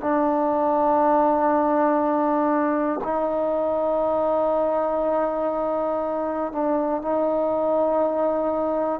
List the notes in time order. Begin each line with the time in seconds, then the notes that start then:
0.00 D4
3.04 D#4
6.52 D4
7.02 D#4